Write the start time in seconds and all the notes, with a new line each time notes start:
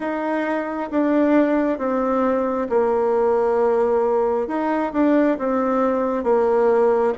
0.00 D#4
0.90 D4
1.78 C4
2.69 A#3
4.47 D#4
4.93 D4
5.38 C4
6.23 A#3